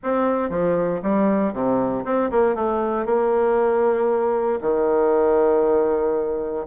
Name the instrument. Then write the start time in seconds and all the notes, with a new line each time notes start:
bassoon
0.03 C4
0.49 F3
1.02 G3
1.53 C3
2.04 C4
2.30 A#3
2.55 A3
3.05 A#3
4.61 D#3